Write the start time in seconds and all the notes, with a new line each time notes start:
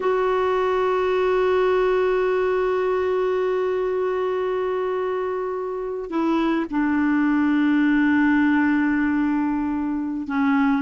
0.00 F#4
6.10 E4
6.70 D4
10.27 C#4